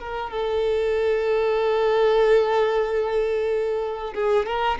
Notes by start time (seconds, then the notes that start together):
0.00 A#4
0.31 A4
4.14 G#4
4.47 A#4